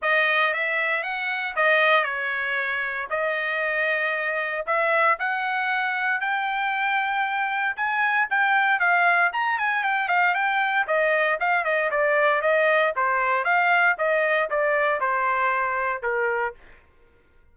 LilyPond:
\new Staff \with { instrumentName = "trumpet" } { \time 4/4 \tempo 4 = 116 dis''4 e''4 fis''4 dis''4 | cis''2 dis''2~ | dis''4 e''4 fis''2 | g''2. gis''4 |
g''4 f''4 ais''8 gis''8 g''8 f''8 | g''4 dis''4 f''8 dis''8 d''4 | dis''4 c''4 f''4 dis''4 | d''4 c''2 ais'4 | }